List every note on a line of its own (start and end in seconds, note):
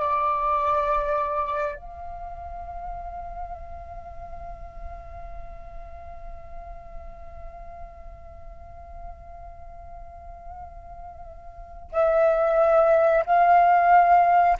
0.00 1.76 D5
1.76 11.91 F5
11.92 13.25 E5
13.26 14.58 F5